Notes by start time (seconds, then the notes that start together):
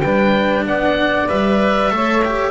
0.00 G3 D4 B4 G5
0.65 B3 D5 F#5
1.28 G3 B4 E5
1.90 A3 A4 C#5
2.24 G4